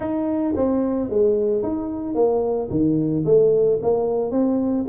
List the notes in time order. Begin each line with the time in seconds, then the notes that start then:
0.00 D#4
0.56 C4
1.09 G#3
1.62 D#4
2.14 A#3
2.70 D#3
3.25 A3
3.82 A#3
4.31 C4